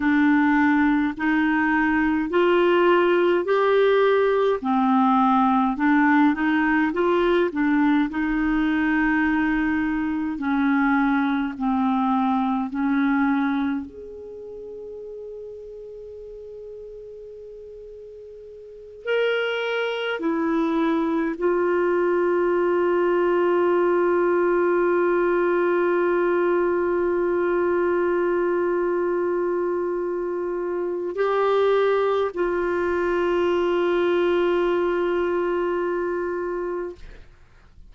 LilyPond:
\new Staff \with { instrumentName = "clarinet" } { \time 4/4 \tempo 4 = 52 d'4 dis'4 f'4 g'4 | c'4 d'8 dis'8 f'8 d'8 dis'4~ | dis'4 cis'4 c'4 cis'4 | gis'1~ |
gis'8 ais'4 e'4 f'4.~ | f'1~ | f'2. g'4 | f'1 | }